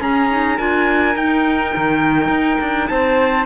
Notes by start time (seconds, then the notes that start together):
0.00 C#4 G#4 A#5
0.30 D#4
0.57 D4 F4 A#4 G#5
1.15 D#4 G5
1.76 D#3
2.28 D#4
2.60 D4
2.87 C4 C5 A5